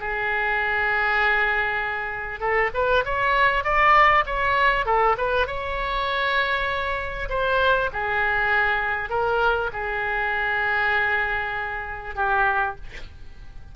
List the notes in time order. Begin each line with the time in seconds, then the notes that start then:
0.00 G#4
2.40 A4
2.74 B4
3.05 C#5
3.64 D5
4.26 C#5
4.85 A4
5.18 B4
5.47 C#5
7.29 C5
7.93 G#4
9.10 A#4
9.72 G#4
12.15 G4